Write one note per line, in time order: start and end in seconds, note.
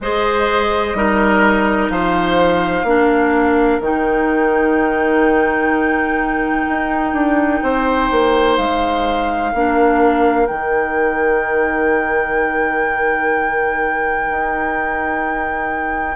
0.01 0.93 G#3
0.01 0.95 G#4
0.01 0.97 C5
0.01 1.90 D#5
0.93 1.89 G3
0.93 2.86 D#4
0.93 1.91 A#4
1.90 2.83 F3
1.90 2.87 C5
1.90 3.80 F5
2.83 3.78 A#3
2.83 3.82 D4
2.83 7.63 A#4
3.80 6.65 D#3
3.80 9.53 D#4
3.80 8.57 G5
6.68 7.13 D#4
7.13 7.61 D4
7.62 8.10 C4
7.62 9.52 C5
8.11 8.58 A#3
8.57 9.53 G#3
8.57 10.46 F5
9.52 10.49 A#3
9.52 10.46 D4
9.52 16.16 A#4
10.46 14.29 D#3
10.46 16.16 D#4
10.46 16.16 G5
14.29 16.16 D#4